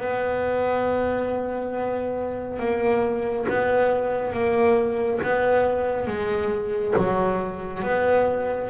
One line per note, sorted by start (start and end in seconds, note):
0.00 2.59 B3
2.59 3.46 A#3
3.49 4.33 B3
4.33 5.20 A#3
5.23 6.08 B3
6.08 6.94 G#3
6.98 7.83 F#3
7.83 8.70 B3